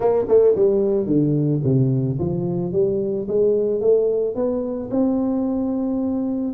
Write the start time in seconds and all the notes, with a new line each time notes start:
0.00 A#3
0.28 A3
0.55 G3
1.06 D3
1.63 C3
2.19 F3
2.72 G3
3.28 G#3
3.81 A3
4.35 B3
4.90 C4